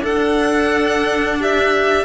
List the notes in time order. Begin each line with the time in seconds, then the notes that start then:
0.00 D4 A4 F#5
1.40 G4 E5